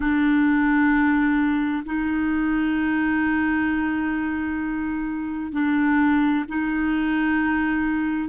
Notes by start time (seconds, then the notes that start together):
0.00 D4
1.85 D#4
5.52 D4
6.48 D#4